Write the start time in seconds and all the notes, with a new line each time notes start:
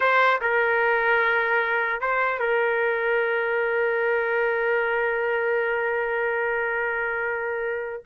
0.00 C5
0.41 A#4
2.00 C5
2.39 A#4